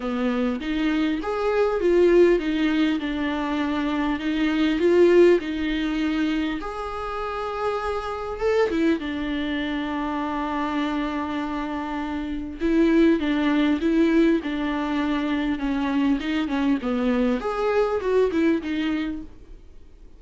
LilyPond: \new Staff \with { instrumentName = "viola" } { \time 4/4 \tempo 4 = 100 b4 dis'4 gis'4 f'4 | dis'4 d'2 dis'4 | f'4 dis'2 gis'4~ | gis'2 a'8 e'8 d'4~ |
d'1~ | d'4 e'4 d'4 e'4 | d'2 cis'4 dis'8 cis'8 | b4 gis'4 fis'8 e'8 dis'4 | }